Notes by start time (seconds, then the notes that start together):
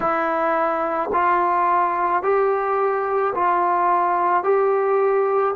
0.00 E4
1.12 F4
2.22 G4
3.34 F4
4.43 G4